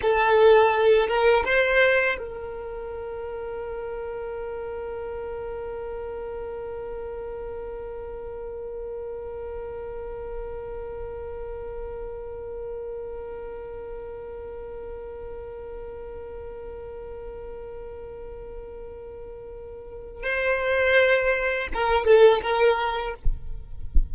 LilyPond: \new Staff \with { instrumentName = "violin" } { \time 4/4 \tempo 4 = 83 a'4. ais'8 c''4 ais'4~ | ais'1~ | ais'1~ | ais'1~ |
ais'1~ | ais'1~ | ais'1 | c''2 ais'8 a'8 ais'4 | }